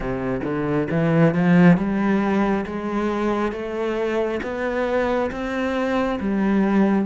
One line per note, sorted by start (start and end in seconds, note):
0.00 0.41 C3
0.43 0.87 D3
0.90 1.34 E3
1.34 1.76 F3
1.76 2.65 G3
2.66 3.52 G#3
3.52 4.40 A3
4.42 5.31 B3
5.31 6.19 C4
6.20 7.05 G3